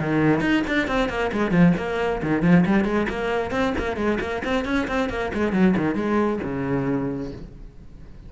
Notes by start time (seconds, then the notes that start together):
0.00 D#3
0.41 D#4
0.68 D4
0.88 C4
1.09 A#3
1.33 G#3
1.52 F3
1.78 A#3
2.23 D#3
2.43 F3
2.66 G3
2.85 G#3
3.09 A#3
3.52 C4
3.79 A#3
3.97 G#3
4.21 A#3
4.44 C4
4.65 C#4
4.88 C4
5.10 A#3
5.34 G#3
5.53 F#3
5.77 D#3
5.95 G#3
6.44 C#3